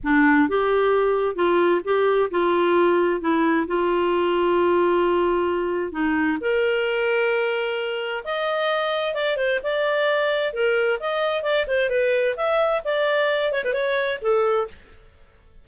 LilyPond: \new Staff \with { instrumentName = "clarinet" } { \time 4/4 \tempo 4 = 131 d'4 g'2 f'4 | g'4 f'2 e'4 | f'1~ | f'4 dis'4 ais'2~ |
ais'2 dis''2 | d''8 c''8 d''2 ais'4 | dis''4 d''8 c''8 b'4 e''4 | d''4. cis''16 b'16 cis''4 a'4 | }